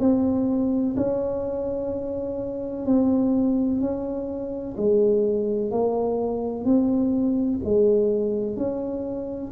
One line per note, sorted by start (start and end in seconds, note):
0.00 0.95 C4
0.97 2.86 C#4
2.86 3.81 C4
3.81 4.76 C#4
4.77 5.71 G#3
5.71 6.65 A#3
6.65 7.60 C4
7.64 8.57 G#3
8.57 9.52 C#4